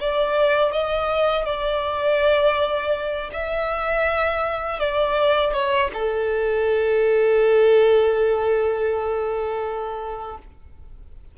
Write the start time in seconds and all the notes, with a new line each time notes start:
0.00 D5
0.72 D#5
1.45 D5
3.32 E5
4.79 D5
5.54 C#5
5.93 A4